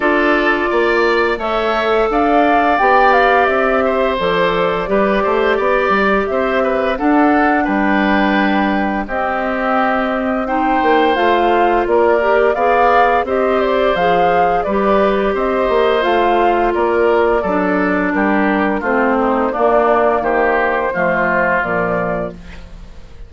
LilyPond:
<<
  \new Staff \with { instrumentName = "flute" } { \time 4/4 \tempo 4 = 86 d''2 e''4 f''4 | g''8 f''8 e''4 d''2~ | d''4 e''4 fis''4 g''4~ | g''4 dis''2 g''4 |
f''4 d''4 f''4 dis''8 d''8 | f''4 d''4 dis''4 f''4 | d''2 ais'4 c''4 | d''4 c''2 d''4 | }
  \new Staff \with { instrumentName = "oboe" } { \time 4/4 a'4 d''4 cis''4 d''4~ | d''4. c''4. b'8 c''8 | d''4 c''8 b'8 a'4 b'4~ | b'4 g'2 c''4~ |
c''4 ais'4 d''4 c''4~ | c''4 b'4 c''2 | ais'4 a'4 g'4 f'8 dis'8 | d'4 g'4 f'2 | }
  \new Staff \with { instrumentName = "clarinet" } { \time 4/4 f'2 a'2 | g'2 a'4 g'4~ | g'2 d'2~ | d'4 c'2 dis'4 |
f'4. g'8 gis'4 g'4 | gis'4 g'2 f'4~ | f'4 d'2 c'4 | ais2 a4 f4 | }
  \new Staff \with { instrumentName = "bassoon" } { \time 4/4 d'4 ais4 a4 d'4 | b4 c'4 f4 g8 a8 | b8 g8 c'4 d'4 g4~ | g4 c'2~ c'8 ais8 |
a4 ais4 b4 c'4 | f4 g4 c'8 ais8 a4 | ais4 fis4 g4 a4 | ais4 dis4 f4 ais,4 | }
>>